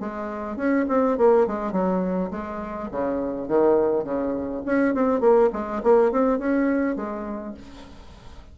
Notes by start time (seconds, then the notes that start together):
0.00 G#3
0.56 C#4
0.88 C4
1.18 A#3
1.47 G#3
1.72 F#3
2.31 G#3
2.91 C#3
3.48 D#3
4.04 C#3
4.66 C#4
4.94 C4
5.21 A#3
5.53 G#3
5.83 A#3
6.12 C4
6.39 C#4
6.96 G#3